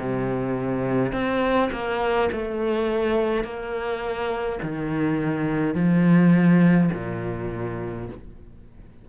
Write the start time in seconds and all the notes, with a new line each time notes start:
0.00 C3
1.13 C4
1.73 A#3
2.33 A3
3.45 A#3
4.63 D#3
5.75 F3
6.94 A#2